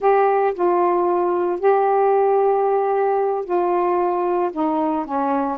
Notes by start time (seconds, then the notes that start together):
0.00 G4
0.54 F4
1.59 G4
3.44 F4
4.53 D#4
5.05 C#4